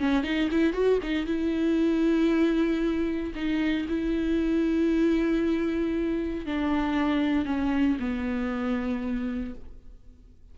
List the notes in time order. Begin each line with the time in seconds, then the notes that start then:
0.00 C#4
0.24 D#4
0.51 E4
0.73 F#4
1.03 D#4
1.26 E4
3.36 D#4
3.89 E4
6.46 D4
7.46 C#4
8.00 B3